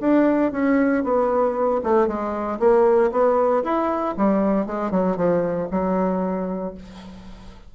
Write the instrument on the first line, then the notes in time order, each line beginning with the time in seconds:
bassoon
0.00 D4
0.52 C#4
1.03 B3
1.83 A3
2.07 G#3
2.59 A#3
3.11 B3
3.63 E4
4.17 G3
4.66 G#3
4.91 F#3
5.17 F3
5.71 F#3